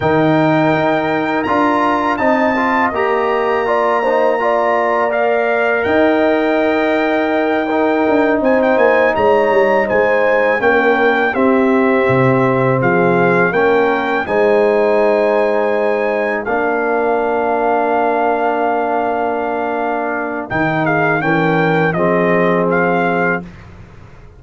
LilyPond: <<
  \new Staff \with { instrumentName = "trumpet" } { \time 4/4 \tempo 4 = 82 g''2 ais''4 a''4 | ais''2. f''4 | g''2.~ g''8 gis''16 g''16 | gis''8 ais''4 gis''4 g''4 e''8~ |
e''4. f''4 g''4 gis''8~ | gis''2~ gis''8 f''4.~ | f''1 | g''8 f''8 g''4 dis''4 f''4 | }
  \new Staff \with { instrumentName = "horn" } { \time 4/4 ais'2. dis''4~ | dis''4 d''8 c''8 d''2 | dis''2~ dis''8 ais'4 c''8~ | c''8 cis''4 c''4 ais'4 g'8~ |
g'4. gis'4 ais'4 c''8~ | c''2~ c''8 ais'4.~ | ais'1~ | ais'8 gis'8 ais'4 gis'2 | }
  \new Staff \with { instrumentName = "trombone" } { \time 4/4 dis'2 f'4 dis'8 f'8 | g'4 f'8 dis'8 f'4 ais'4~ | ais'2~ ais'8 dis'4.~ | dis'2~ dis'8 cis'4 c'8~ |
c'2~ c'8 cis'4 dis'8~ | dis'2~ dis'8 d'4.~ | d'1 | dis'4 cis'4 c'2 | }
  \new Staff \with { instrumentName = "tuba" } { \time 4/4 dis4 dis'4 d'4 c'4 | ais1 | dis'2. d'8 c'8 | ais8 gis8 g8 gis4 ais4 c'8~ |
c'8 c4 f4 ais4 gis8~ | gis2~ gis8 ais4.~ | ais1 | dis4 e4 f2 | }
>>